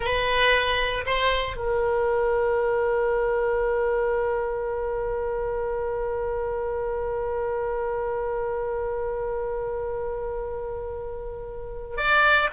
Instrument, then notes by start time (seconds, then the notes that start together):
oboe
0.00 B4
1.06 C5
1.56 A#4
11.97 D5